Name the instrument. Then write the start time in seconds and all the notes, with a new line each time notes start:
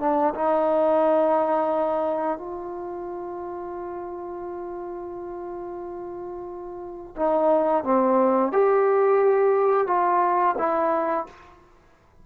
trombone
0.00 D4
0.35 D#4
2.38 F4
7.16 D#4
7.84 C4
8.53 G4
9.87 F4
10.58 E4